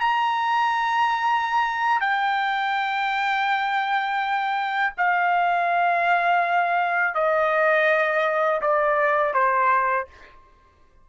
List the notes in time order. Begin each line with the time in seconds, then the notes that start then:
0.00 A#5
2.00 G5
4.97 F5
7.14 D#5
8.61 D5
9.34 C5